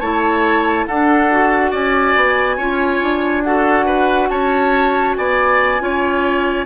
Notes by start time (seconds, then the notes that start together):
0.00 A3 E4 C#5 A5
0.87 D4 A4 F#5
1.31 F#4
1.71 C#4 D5 G#5
2.16 B3
2.57 C#4 F4 C#5
3.02 D4
3.44 F#4 A4 F#5
3.86 B4
4.29 C#4 C#5 A5
5.16 B3 D5 G#5
5.80 C#4 F4 C#5